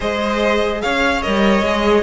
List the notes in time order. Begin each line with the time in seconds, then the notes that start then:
0.00 G#3 G#4 C5 D#5
0.81 C#4 C#5 F5
1.22 G3 A#4 D#5
1.62 G#3 G#4